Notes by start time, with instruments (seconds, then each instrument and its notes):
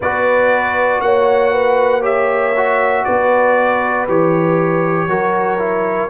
0.00 tuba B3, trombone F#4, horn B4, trumpet D5
1.00 tuba A#3, horn C#5, trumpet F#5
1.52 horn B4
2.01 trombone G4, horn C#5, trumpet E5
2.56 trombone F#4
3.04 tuba B3, horn B4, trumpet D5
4.07 tuba E3, trombone G4, trumpet C#5
5.07 tuba F#3, trombone F#4, horn A#4
5.58 trombone E4